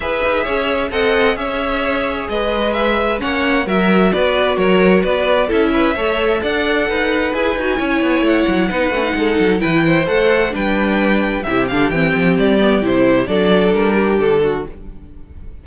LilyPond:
<<
  \new Staff \with { instrumentName = "violin" } { \time 4/4 \tempo 4 = 131 e''2 fis''4 e''4~ | e''4 dis''4 e''4 fis''4 | e''4 d''4 cis''4 d''4 | e''2 fis''2 |
gis''2 fis''2~ | fis''4 g''4 fis''4 g''4~ | g''4 e''8 f''8 g''4 d''4 | c''4 d''4 ais'4 a'4 | }
  \new Staff \with { instrumentName = "violin" } { \time 4/4 b'4 cis''4 dis''4 cis''4~ | cis''4 b'2 cis''4 | ais'4 b'4 ais'4 b'4 | a'8 b'8 cis''4 d''4 b'4~ |
b'4 cis''2 b'4 | a'4 b'8 c''4. b'4~ | b'4 g'2.~ | g'4 a'4. g'4 fis'8 | }
  \new Staff \with { instrumentName = "viola" } { \time 4/4 gis'2 a'4 gis'4~ | gis'2. cis'4 | fis'1 | e'4 a'2. |
gis'8 fis'8 e'2 dis'8 cis'16 dis'16~ | dis'4 e'4 a'4 d'4~ | d'4 e'8 d'8 c'4. b8 | e'4 d'2. | }
  \new Staff \with { instrumentName = "cello" } { \time 4/4 e'8 dis'8 cis'4 c'4 cis'4~ | cis'4 gis2 ais4 | fis4 b4 fis4 b4 | cis'4 a4 d'4 dis'4 |
e'8 dis'8 cis'8 b8 a8 fis8 b8 a8 | gis8 fis8 e4 a4 g4~ | g4 c8 d8 e8 f8 g4 | c4 fis4 g4 d4 | }
>>